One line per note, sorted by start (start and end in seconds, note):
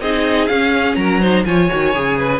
0.00 0.48 C4
0.00 0.49 D#4
0.00 0.98 G#4
0.00 0.47 D#5
0.47 1.22 C#4
0.47 0.96 C#4
0.47 0.95 F5
0.95 1.44 F#3
0.95 1.20 A#4
0.95 1.43 A#5
1.20 1.46 D#4
1.20 1.45 C5
1.45 1.69 F3
1.45 1.69 F4
1.45 2.18 C#5
1.45 2.40 G#5
1.69 1.95 D#3
1.69 1.93 F#4
1.94 2.40 C#3
1.94 2.40 G#4
2.18 2.40 B4